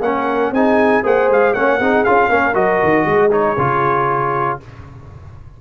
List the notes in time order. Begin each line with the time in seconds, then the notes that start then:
0.00 A#3 C#4 A#4 F#5
0.50 C4 D#4 G#4 G#5
1.03 A#3 G#4 C5 F#5
1.28 G#3 F5
1.53 A#3 C#4 C#5 F#5
1.78 C4 D#4 G#4
2.04 C#4 F4 F5
2.29 A#3 C#4 A#4
2.54 F#3 F#4 D#5
2.83 D#3
3.05 G#3 G#4
3.31 D#4 C#5
3.57 C#3 F4